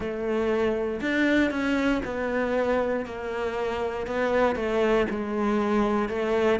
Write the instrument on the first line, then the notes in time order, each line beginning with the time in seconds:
cello
0.00 A3
1.00 D4
1.50 C#4
2.04 B3
3.05 A#3
4.07 B3
4.55 A3
5.10 G#3
6.08 A3